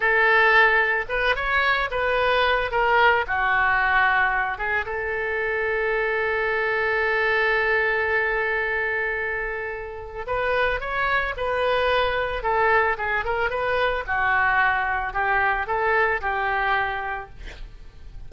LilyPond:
\new Staff \with { instrumentName = "oboe" } { \time 4/4 \tempo 4 = 111 a'2 b'8 cis''4 b'8~ | b'4 ais'4 fis'2~ | fis'8 gis'8 a'2.~ | a'1~ |
a'2. b'4 | cis''4 b'2 a'4 | gis'8 ais'8 b'4 fis'2 | g'4 a'4 g'2 | }